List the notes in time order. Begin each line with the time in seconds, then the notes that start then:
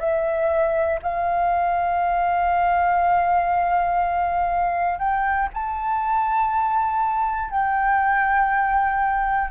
0.00 E5
1.03 F5
5.00 G5
5.54 A5
7.51 G5